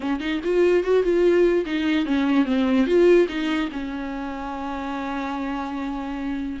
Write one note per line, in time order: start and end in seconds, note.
0.00 0.20 C#4
0.20 0.40 D#4
0.44 0.83 F4
0.83 1.03 F#4
1.03 1.64 F4
1.65 2.05 D#4
2.05 2.45 C#4
2.45 2.86 C4
2.86 3.27 F4
3.28 3.69 D#4
3.72 6.59 C#4